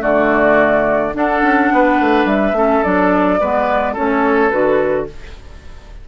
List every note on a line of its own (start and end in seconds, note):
0.00 1.15 D3
0.00 1.12 A3
0.00 1.14 F#4
0.00 1.15 D5
1.14 2.55 D4
1.14 1.43 D4
1.14 1.74 A4
1.14 2.28 F#5
1.43 1.71 C#4
1.72 2.00 B3
1.72 2.58 B4
2.00 2.25 A3
2.25 2.53 G3
2.25 2.84 E5
2.53 2.81 A3
2.53 2.84 C#4
2.53 3.41 A4
2.84 3.41 F#3
2.84 3.40 D4
2.84 3.96 D5
3.40 3.97 G#3
3.40 3.96 B3
3.40 3.93 B4
3.93 4.52 A3
3.93 4.51 C#4
3.93 5.06 A4
3.93 4.51 C#5
4.51 5.09 D3
4.51 5.07 F#4
4.51 5.07 B4